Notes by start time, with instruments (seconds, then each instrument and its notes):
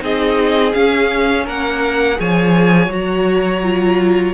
0.00 cello C4, viola D#4, violin G#4 D#5
0.74 viola C#4, cello C#4, violin F5
1.46 cello A#3, violin A#4 F#5
2.16 cello F3, viola G#4, violin C#5 G#5
2.88 cello F#3, viola F#4, violin A#5
3.64 viola F4